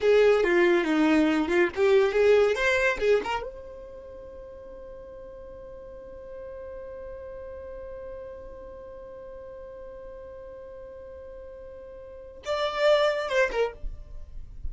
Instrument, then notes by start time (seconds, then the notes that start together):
violin
0.01 G#4
0.43 F4
0.84 D#4
1.47 F4
1.75 G4
2.12 G#4
2.55 C5
2.99 G#4
3.24 A#4
3.42 C5
12.45 D5
13.29 C5
13.51 A#4